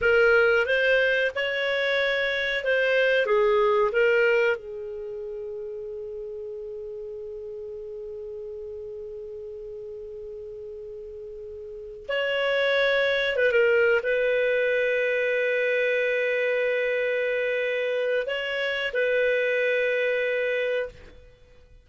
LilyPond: \new Staff \with { instrumentName = "clarinet" } { \time 4/4 \tempo 4 = 92 ais'4 c''4 cis''2 | c''4 gis'4 ais'4 gis'4~ | gis'1~ | gis'1~ |
gis'2~ gis'8 cis''4.~ | cis''8 b'16 ais'8. b'2~ b'8~ | b'1 | cis''4 b'2. | }